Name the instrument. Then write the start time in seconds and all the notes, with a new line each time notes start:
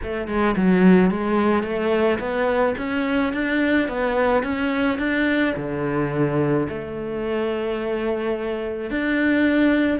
cello
0.02 A3
0.27 G#3
0.56 F#3
1.10 G#3
1.63 A3
2.19 B3
2.77 C#4
3.33 D4
3.88 B3
4.43 C#4
4.98 D4
5.56 D3
6.68 A3
8.90 D4